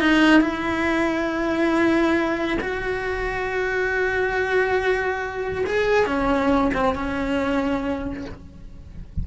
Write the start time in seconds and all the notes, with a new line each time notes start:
0.00 D#4
0.41 E4
2.60 F#4
5.66 G#4
6.06 C#4
6.74 C4
6.94 C#4